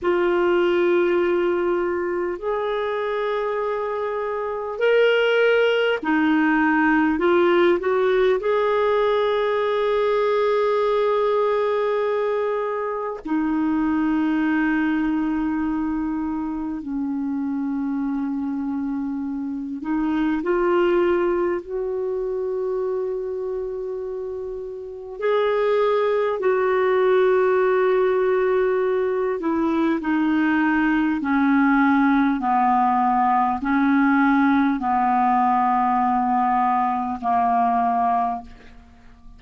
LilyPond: \new Staff \with { instrumentName = "clarinet" } { \time 4/4 \tempo 4 = 50 f'2 gis'2 | ais'4 dis'4 f'8 fis'8 gis'4~ | gis'2. dis'4~ | dis'2 cis'2~ |
cis'8 dis'8 f'4 fis'2~ | fis'4 gis'4 fis'2~ | fis'8 e'8 dis'4 cis'4 b4 | cis'4 b2 ais4 | }